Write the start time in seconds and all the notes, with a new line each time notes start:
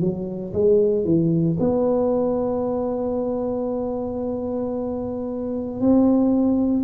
0.00 F#3
0.53 G#3
1.04 E3
1.59 B3
5.80 C4